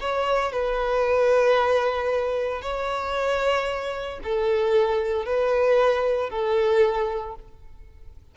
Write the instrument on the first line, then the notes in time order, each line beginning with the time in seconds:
violin
0.00 C#5
0.52 B4
2.62 C#5
4.23 A4
5.25 B4
6.29 A4